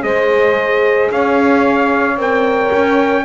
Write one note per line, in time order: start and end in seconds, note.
0.00 1.11 G#3
0.00 2.14 G#4
0.00 1.12 C5
0.00 1.10 D#5
1.11 2.17 C#4
1.11 3.25 C#5
1.11 2.19 F5
2.17 2.70 C4
2.17 3.25 A#4
2.17 3.25 G5
2.72 3.25 C#4